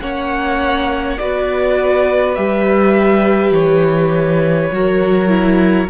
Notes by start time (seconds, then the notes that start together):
0.00 A#3 C#4 C#5 F#5
1.18 B3 F#4 B4 D5
2.35 G3 G4 E5
3.51 E3 C#5
4.71 F#3 F#4 A#4
5.28 E4